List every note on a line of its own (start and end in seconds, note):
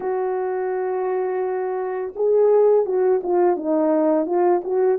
0.00 2.13 F#4
2.15 2.85 G#4
2.85 3.21 F#4
3.23 3.56 F4
3.56 4.26 D#4
4.26 4.61 F4
4.64 4.98 F#4